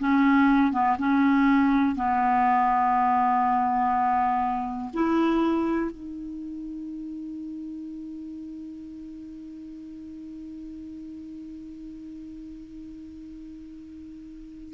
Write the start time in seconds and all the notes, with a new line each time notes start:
0.00 C#4
0.72 B3
0.98 C#4
1.96 B3
4.94 E4
5.92 D#4